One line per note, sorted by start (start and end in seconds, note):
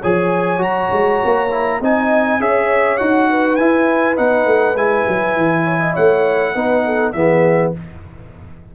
0.00 0.58 F3
0.00 0.58 G#4
0.00 1.78 C#5
0.00 0.63 G#5
0.58 0.88 F#3
0.58 1.48 F#4
0.58 1.82 A#5
0.92 1.22 G#3
1.24 1.81 A#3
1.51 1.81 E4
1.81 2.40 C4
1.81 2.40 D#4
1.81 2.41 D#5
1.81 2.42 G#5
2.40 3.00 C#4
2.40 2.99 G#4
2.40 3.30 C#5
2.40 2.98 E5
2.98 3.59 D#4
2.98 3.58 F#4
2.98 3.56 F#5
3.30 5.64 B4
3.56 4.19 E4
3.56 4.16 E4
3.56 4.15 G#5
4.16 4.46 B3
4.16 4.76 D#4
4.16 4.77 F#5
4.46 4.75 A3
4.75 5.05 G#3
4.75 6.55 E4
4.75 5.96 G#5
5.09 5.36 F#3
5.36 5.96 E3
5.64 5.79 C#5
5.80 5.94 D#5
5.94 6.55 A3
5.94 6.53 C#5
5.94 7.12 F#5
6.55 7.15 B3
6.55 7.14 D#4
6.55 6.85 B4
6.85 7.15 A4
7.12 7.74 E3
7.12 7.74 B3
7.12 7.75 G#4
7.12 7.72 E5